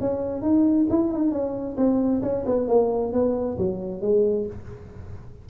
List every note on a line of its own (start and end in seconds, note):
0.00 0.41 C#4
0.41 0.86 D#4
0.89 1.11 E4
1.11 1.31 D#4
1.31 1.76 C#4
1.77 2.21 C4
2.22 2.44 C#4
2.45 2.68 B3
2.68 3.12 A#3
3.12 3.57 B3
3.58 4.01 F#3
4.01 4.46 G#3